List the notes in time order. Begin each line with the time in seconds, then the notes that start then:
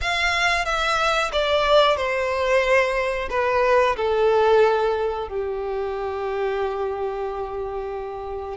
0.01 F5
0.65 E5
1.32 D5
1.97 C5
3.30 B4
3.96 A4
5.28 G4